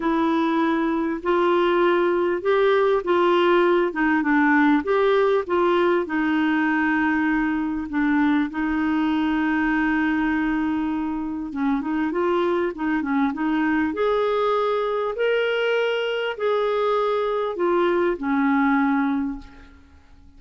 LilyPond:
\new Staff \with { instrumentName = "clarinet" } { \time 4/4 \tempo 4 = 99 e'2 f'2 | g'4 f'4. dis'8 d'4 | g'4 f'4 dis'2~ | dis'4 d'4 dis'2~ |
dis'2. cis'8 dis'8 | f'4 dis'8 cis'8 dis'4 gis'4~ | gis'4 ais'2 gis'4~ | gis'4 f'4 cis'2 | }